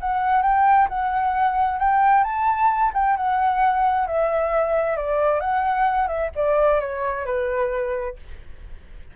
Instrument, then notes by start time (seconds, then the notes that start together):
flute
0.00 F#5
0.42 G5
0.88 F#5
1.79 G5
2.24 A5
2.94 G5
3.17 F#5
4.07 E5
4.96 D5
5.40 F#5
6.07 E5
6.35 D5
6.80 C#5
7.25 B4